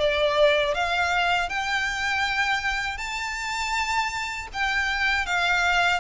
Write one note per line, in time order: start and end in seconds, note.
0.00 0.75 D5
0.75 1.49 F5
1.49 2.98 G5
2.98 4.48 A5
4.53 5.26 G5
5.26 6.00 F5